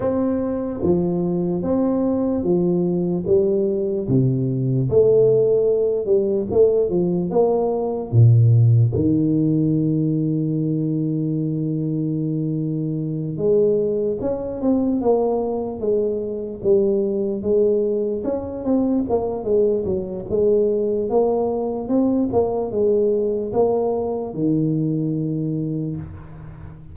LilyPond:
\new Staff \with { instrumentName = "tuba" } { \time 4/4 \tempo 4 = 74 c'4 f4 c'4 f4 | g4 c4 a4. g8 | a8 f8 ais4 ais,4 dis4~ | dis1~ |
dis8 gis4 cis'8 c'8 ais4 gis8~ | gis8 g4 gis4 cis'8 c'8 ais8 | gis8 fis8 gis4 ais4 c'8 ais8 | gis4 ais4 dis2 | }